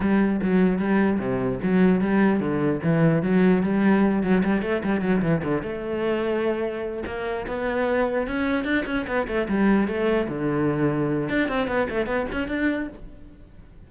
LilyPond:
\new Staff \with { instrumentName = "cello" } { \time 4/4 \tempo 4 = 149 g4 fis4 g4 c4 | fis4 g4 d4 e4 | fis4 g4. fis8 g8 a8 | g8 fis8 e8 d8 a2~ |
a4. ais4 b4.~ | b8 cis'4 d'8 cis'8 b8 a8 g8~ | g8 a4 d2~ d8 | d'8 c'8 b8 a8 b8 cis'8 d'4 | }